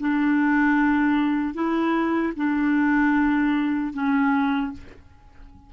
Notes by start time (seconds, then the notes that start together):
0.00 D4
1.54 E4
2.36 D4
3.94 C#4